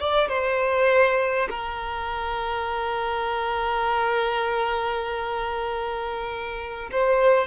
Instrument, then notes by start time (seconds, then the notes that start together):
violin
0.00 D5
0.29 C5
1.51 A#4
6.92 C5